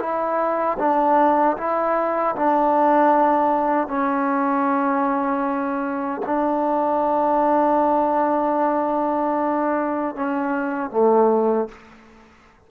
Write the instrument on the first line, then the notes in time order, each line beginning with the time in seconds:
trombone
0.00 E4
0.79 D4
1.57 E4
2.36 D4
3.88 C#4
6.26 D4
10.16 C#4
10.91 A3